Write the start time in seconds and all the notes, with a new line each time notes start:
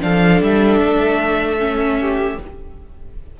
0.00 F3 D4 A4 F5
0.42 G3 E5
0.80 A3
1.58 C#4
2.00 G4